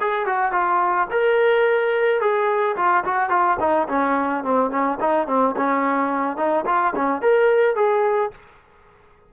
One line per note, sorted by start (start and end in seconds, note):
0.00 0.26 G#4
0.26 0.52 F#4
0.52 1.08 F4
1.11 2.20 A#4
2.20 2.76 G#4
2.76 3.04 F4
3.04 3.29 F#4
3.29 3.57 F4
3.60 3.88 D#4
3.88 4.44 C#4
4.44 4.70 C4
4.70 4.98 C#4
5.01 5.27 D#4
5.27 5.55 C4
5.56 6.37 C#4
6.37 6.65 D#4
6.66 6.94 F4
6.96 7.21 C#4
7.21 7.75 A#4
7.75 8.31 G#4